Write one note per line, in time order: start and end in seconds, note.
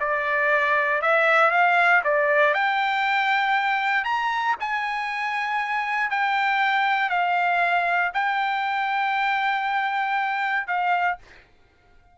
0.00 1.02 D5
1.02 1.51 E5
1.51 2.02 F5
2.04 2.54 D5
2.54 4.05 G5
4.05 4.56 A#5
4.60 6.11 G#5
6.11 7.10 G5
7.10 8.12 F5
8.14 10.67 G5
10.67 11.18 F5